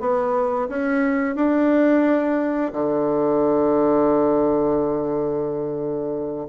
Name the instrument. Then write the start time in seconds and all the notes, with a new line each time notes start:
bassoon
0.00 B3
0.69 C#4
1.35 D4
2.73 D3